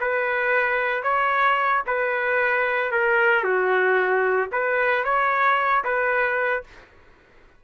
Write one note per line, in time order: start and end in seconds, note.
0.00 1.03 B4
1.03 1.82 C#5
1.86 2.91 B4
2.91 3.43 A#4
3.43 4.50 F#4
4.52 5.04 B4
5.04 5.84 C#5
5.84 6.63 B4